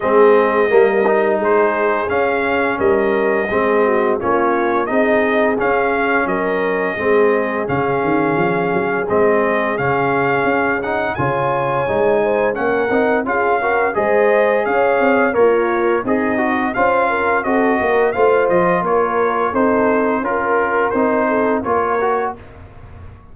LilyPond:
<<
  \new Staff \with { instrumentName = "trumpet" } { \time 4/4 \tempo 4 = 86 dis''2 c''4 f''4 | dis''2 cis''4 dis''4 | f''4 dis''2 f''4~ | f''4 dis''4 f''4. fis''8 |
gis''2 fis''4 f''4 | dis''4 f''4 cis''4 dis''4 | f''4 dis''4 f''8 dis''8 cis''4 | c''4 ais'4 c''4 cis''4 | }
  \new Staff \with { instrumentName = "horn" } { \time 4/4 gis'4 ais'4 gis'2 | ais'4 gis'8 fis'8 f'4 gis'4~ | gis'4 ais'4 gis'2~ | gis'1 |
cis''4. c''8 ais'4 gis'8 ais'8 | c''4 cis''4 f'4 dis'4 | c''8 ais'8 a'8 ais'8 c''4 ais'4 | a'4 ais'4. a'8 ais'4 | }
  \new Staff \with { instrumentName = "trombone" } { \time 4/4 c'4 ais8 dis'4. cis'4~ | cis'4 c'4 cis'4 dis'4 | cis'2 c'4 cis'4~ | cis'4 c'4 cis'4. dis'8 |
f'4 dis'4 cis'8 dis'8 f'8 fis'8 | gis'2 ais'4 gis'8 fis'8 | f'4 fis'4 f'2 | dis'4 f'4 dis'4 f'8 fis'8 | }
  \new Staff \with { instrumentName = "tuba" } { \time 4/4 gis4 g4 gis4 cis'4 | g4 gis4 ais4 c'4 | cis'4 fis4 gis4 cis8 dis8 | f8 fis8 gis4 cis4 cis'4 |
cis4 gis4 ais8 c'8 cis'4 | gis4 cis'8 c'8 ais4 c'4 | cis'4 c'8 ais8 a8 f8 ais4 | c'4 cis'4 c'4 ais4 | }
>>